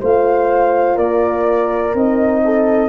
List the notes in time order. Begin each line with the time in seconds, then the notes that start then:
0.00 A3 F4 C5 F5
0.95 A#3 A#4 D5
1.94 C4 D#4 D#5
2.44 A4